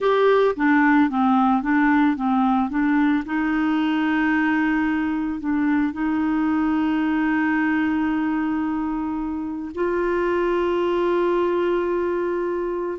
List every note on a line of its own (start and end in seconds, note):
0.00 0.55 G4
0.56 1.09 D4
1.09 1.62 C4
1.62 2.16 D4
2.16 2.70 C4
2.70 3.24 D4
3.25 5.40 D#4
5.40 5.92 D4
5.92 9.71 D#4
9.74 12.99 F4